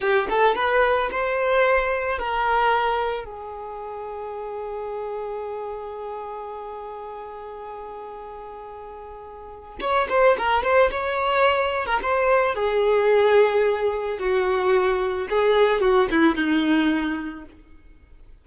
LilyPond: \new Staff \with { instrumentName = "violin" } { \time 4/4 \tempo 4 = 110 g'8 a'8 b'4 c''2 | ais'2 gis'2~ | gis'1~ | gis'1~ |
gis'2 cis''8 c''8 ais'8 c''8 | cis''4.~ cis''16 ais'16 c''4 gis'4~ | gis'2 fis'2 | gis'4 fis'8 e'8 dis'2 | }